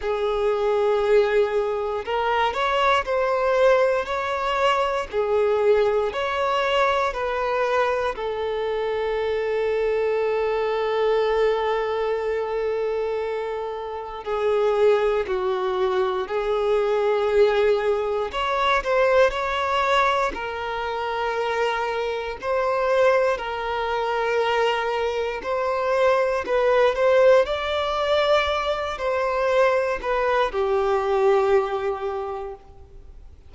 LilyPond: \new Staff \with { instrumentName = "violin" } { \time 4/4 \tempo 4 = 59 gis'2 ais'8 cis''8 c''4 | cis''4 gis'4 cis''4 b'4 | a'1~ | a'2 gis'4 fis'4 |
gis'2 cis''8 c''8 cis''4 | ais'2 c''4 ais'4~ | ais'4 c''4 b'8 c''8 d''4~ | d''8 c''4 b'8 g'2 | }